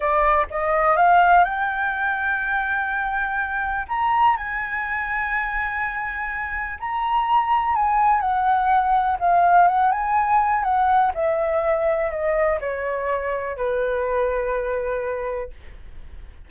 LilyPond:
\new Staff \with { instrumentName = "flute" } { \time 4/4 \tempo 4 = 124 d''4 dis''4 f''4 g''4~ | g''1 | ais''4 gis''2.~ | gis''2 ais''2 |
gis''4 fis''2 f''4 | fis''8 gis''4. fis''4 e''4~ | e''4 dis''4 cis''2 | b'1 | }